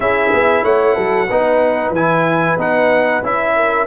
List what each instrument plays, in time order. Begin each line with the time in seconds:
0.00 tuba C#4, trombone E4, horn G#4, trumpet E5
0.32 tuba B3
0.63 tuba A3, horn C#5, trumpet F#5
0.94 tuba F#3, horn A4
1.28 tuba B3, trombone D#4, horn B4
1.90 tuba E3, trumpet G#5
1.96 trombone E4
2.57 tuba B3, trombone D#4, trumpet F#5
3.22 tuba C#4, trombone E4, trumpet E5
3.55 horn A#4